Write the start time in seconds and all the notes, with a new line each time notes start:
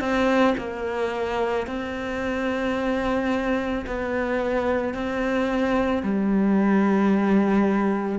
0.00 C4
0.58 A#3
1.67 C4
3.86 B3
4.94 C4
6.02 G3